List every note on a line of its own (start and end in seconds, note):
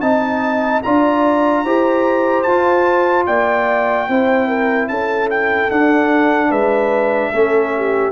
0.00 0.82 C4
0.00 0.82 D#4
0.00 0.83 D#5
0.00 0.81 A5
0.82 1.65 D4
0.82 1.65 F4
0.82 1.65 D5
0.82 2.43 A#5
1.65 2.46 E4
1.65 2.46 G4
1.65 3.27 C5
2.43 3.27 F4
2.43 4.09 F4
2.43 3.24 A5
3.26 4.08 A#3
3.26 4.08 D5
3.26 4.88 G5
4.08 4.89 C4
4.08 5.71 E4
4.08 4.47 C5
4.47 4.88 A#4
4.88 5.70 C#4
4.88 6.49 A4
4.88 5.29 A5
5.30 5.71 G5
5.71 6.50 D4
5.71 7.33 D4
5.71 6.51 F#5
6.49 7.31 G#3
6.49 7.30 B4
6.49 8.12 E5
7.32 8.12 A3
7.32 8.12 C#4
7.32 7.72 A4
7.76 8.12 G4